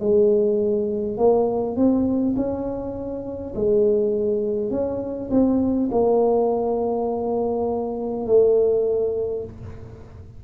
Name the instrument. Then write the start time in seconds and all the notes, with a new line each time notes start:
tuba
0.00 G#3
1.18 A#3
1.76 C4
2.36 C#4
3.55 G#3
4.71 C#4
5.30 C4
5.91 A#3
8.26 A3